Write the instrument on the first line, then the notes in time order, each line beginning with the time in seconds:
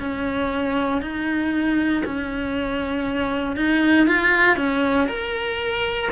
cello
0.00 C#4
1.02 D#4
2.05 C#4
3.56 D#4
4.07 F4
4.57 C#4
5.08 A#4